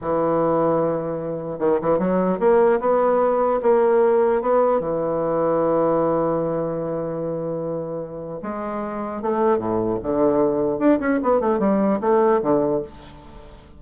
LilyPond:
\new Staff \with { instrumentName = "bassoon" } { \time 4/4 \tempo 4 = 150 e1 | dis8 e8 fis4 ais4 b4~ | b4 ais2 b4 | e1~ |
e1~ | e4 gis2 a4 | a,4 d2 d'8 cis'8 | b8 a8 g4 a4 d4 | }